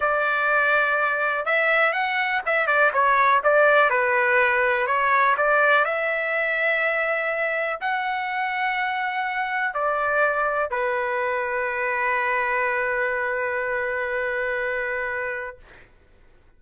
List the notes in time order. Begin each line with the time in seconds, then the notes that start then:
0.00 D5
1.45 E5
1.92 F#5
2.45 E5
2.67 D5
2.93 C#5
3.43 D5
3.89 B4
4.86 C#5
5.37 D5
5.84 E5
7.80 F#5
9.74 D5
10.70 B4